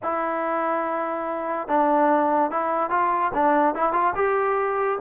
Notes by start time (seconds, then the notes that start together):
0.02 E4
1.68 D4
2.50 E4
2.89 F4
3.34 D4
3.74 E4
3.92 F4
4.15 G4